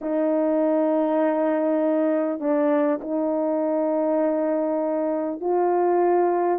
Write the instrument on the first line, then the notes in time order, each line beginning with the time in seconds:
horn
0.01 D#4
2.40 D4
3.01 D#4
5.40 F4